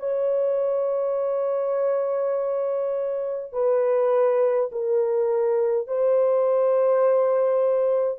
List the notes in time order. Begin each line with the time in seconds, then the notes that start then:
0.00 C#5
3.53 B4
4.72 A#4
5.88 C5